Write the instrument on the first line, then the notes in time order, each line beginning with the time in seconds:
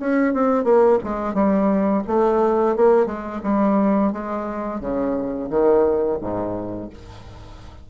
bassoon
0.00 C#4
0.34 C4
0.64 A#3
1.04 G#3
1.34 G3
2.08 A3
2.76 A#3
3.07 G#3
3.44 G3
4.13 G#3
4.81 C#3
5.50 D#3
6.21 G#2